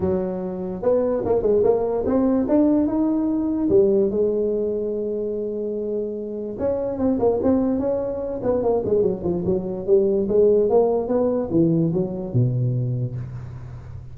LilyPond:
\new Staff \with { instrumentName = "tuba" } { \time 4/4 \tempo 4 = 146 fis2 b4 ais8 gis8 | ais4 c'4 d'4 dis'4~ | dis'4 g4 gis2~ | gis1 |
cis'4 c'8 ais8 c'4 cis'4~ | cis'8 b8 ais8 gis8 fis8 f8 fis4 | g4 gis4 ais4 b4 | e4 fis4 b,2 | }